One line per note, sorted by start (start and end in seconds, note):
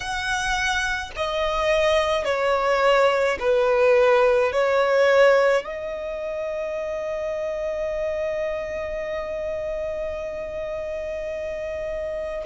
0.00 1.11 F#5
1.16 2.24 D#5
2.24 3.38 C#5
3.40 4.52 B4
4.52 5.64 C#5
5.64 12.43 D#5